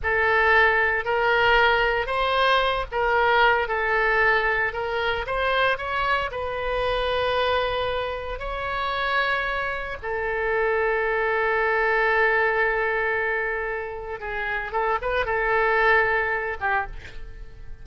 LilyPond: \new Staff \with { instrumentName = "oboe" } { \time 4/4 \tempo 4 = 114 a'2 ais'2 | c''4. ais'4. a'4~ | a'4 ais'4 c''4 cis''4 | b'1 |
cis''2. a'4~ | a'1~ | a'2. gis'4 | a'8 b'8 a'2~ a'8 g'8 | }